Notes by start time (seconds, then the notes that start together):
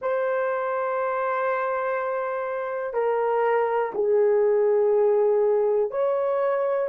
0.01 C5
2.93 A#4
3.94 G#4
5.91 C#5